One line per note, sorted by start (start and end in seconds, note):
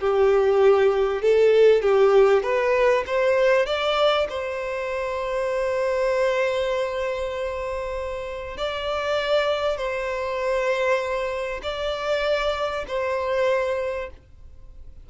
0.00 1.22 G4
1.22 1.82 A4
1.82 2.42 G4
2.42 3.04 B4
3.06 3.66 C5
3.66 4.27 D5
4.29 8.57 C5
8.57 9.77 D5
9.77 11.61 C5
11.63 12.85 D5
12.87 14.10 C5